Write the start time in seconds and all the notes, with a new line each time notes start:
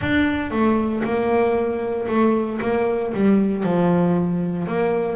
0.01 D4
0.50 A3
1.03 A#3
2.08 A3
2.61 A#3
3.13 G3
3.63 F3
4.67 A#3